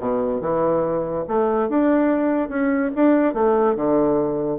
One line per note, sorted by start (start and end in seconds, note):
0.00 0.41 B2
0.41 1.25 E3
1.28 1.69 A3
1.69 2.49 D4
2.49 2.91 C#4
2.95 3.34 D4
3.34 3.76 A3
3.76 4.59 D3